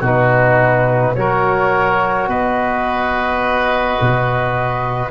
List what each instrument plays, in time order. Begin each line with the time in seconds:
0.00 tuba B2, trombone D#4, oboe F#4, flute B4
1.15 tuba F#3, trombone F#4, oboe A#4, flute C#5
2.28 tuba B3, oboe B4, flute D#5
4.00 tuba B2